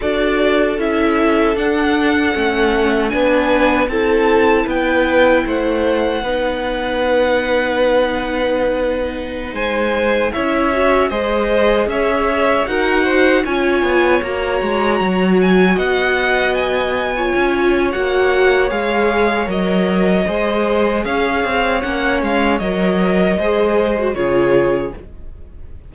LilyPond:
<<
  \new Staff \with { instrumentName = "violin" } { \time 4/4 \tempo 4 = 77 d''4 e''4 fis''2 | gis''4 a''4 g''4 fis''4~ | fis''1~ | fis''16 gis''4 e''4 dis''4 e''8.~ |
e''16 fis''4 gis''4 ais''4. gis''16~ | gis''16 fis''4 gis''4.~ gis''16 fis''4 | f''4 dis''2 f''4 | fis''8 f''8 dis''2 cis''4 | }
  \new Staff \with { instrumentName = "violin" } { \time 4/4 a'1 | b'4 a'4 b'4 c''4 | b'1~ | b'16 c''4 cis''4 c''4 cis''8.~ |
cis''16 ais'8 c''8 cis''2~ cis''8.~ | cis''16 dis''4.~ dis''16 cis''2~ | cis''2 c''4 cis''4~ | cis''2 c''4 gis'4 | }
  \new Staff \with { instrumentName = "viola" } { \time 4/4 fis'4 e'4 d'4 cis'4 | d'4 e'2. | dis'1~ | dis'4~ dis'16 e'8 fis'8 gis'4.~ gis'16~ |
gis'16 fis'4 f'4 fis'4.~ fis'16~ | fis'2 f'4 fis'4 | gis'4 ais'4 gis'2 | cis'4 ais'4 gis'8. fis'16 f'4 | }
  \new Staff \with { instrumentName = "cello" } { \time 4/4 d'4 cis'4 d'4 a4 | b4 c'4 b4 a4 | b1~ | b16 gis4 cis'4 gis4 cis'8.~ |
cis'16 dis'4 cis'8 b8 ais8 gis8 fis8.~ | fis16 b2 cis'8. ais4 | gis4 fis4 gis4 cis'8 c'8 | ais8 gis8 fis4 gis4 cis4 | }
>>